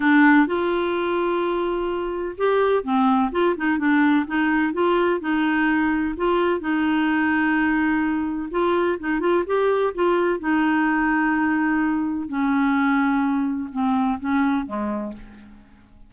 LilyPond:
\new Staff \with { instrumentName = "clarinet" } { \time 4/4 \tempo 4 = 127 d'4 f'2.~ | f'4 g'4 c'4 f'8 dis'8 | d'4 dis'4 f'4 dis'4~ | dis'4 f'4 dis'2~ |
dis'2 f'4 dis'8 f'8 | g'4 f'4 dis'2~ | dis'2 cis'2~ | cis'4 c'4 cis'4 gis4 | }